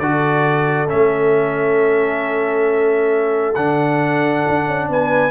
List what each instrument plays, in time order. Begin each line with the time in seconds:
0.00 tuba D3, trombone F#4, horn A4, trumpet D5
0.88 tuba A3, trombone C#4, trumpet E5
3.55 tuba D3, trombone D4, trumpet F#5
4.48 tuba D4
4.69 tuba C#4
4.89 tuba B3, horn B4, trumpet G#5